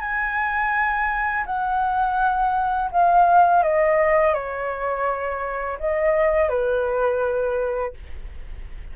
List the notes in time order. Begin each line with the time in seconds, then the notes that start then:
0.00 G#5
1.46 F#5
2.91 F5
3.63 D#5
4.34 C#5
5.79 D#5
6.49 B4